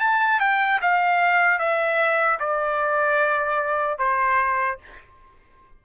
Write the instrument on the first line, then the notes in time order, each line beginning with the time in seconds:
trumpet
0.00 A5
0.40 G5
0.81 F5
1.59 E5
2.40 D5
3.98 C5